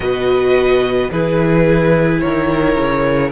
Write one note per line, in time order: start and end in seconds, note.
0.00 1.08 B2
0.00 1.11 F#4
0.00 1.10 B4
0.00 1.10 D#5
1.11 2.22 E3
1.11 3.31 E4
1.11 2.22 G#4
1.11 2.19 B4
2.19 2.76 D#3
2.19 3.31 A#4
2.19 3.31 C#5
2.76 3.31 C#3